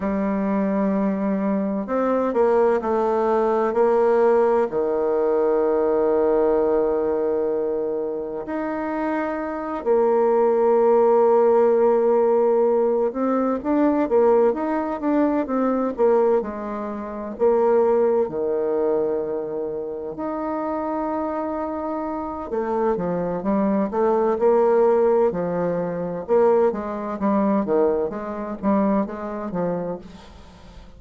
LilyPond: \new Staff \with { instrumentName = "bassoon" } { \time 4/4 \tempo 4 = 64 g2 c'8 ais8 a4 | ais4 dis2.~ | dis4 dis'4. ais4.~ | ais2 c'8 d'8 ais8 dis'8 |
d'8 c'8 ais8 gis4 ais4 dis8~ | dis4. dis'2~ dis'8 | a8 f8 g8 a8 ais4 f4 | ais8 gis8 g8 dis8 gis8 g8 gis8 f8 | }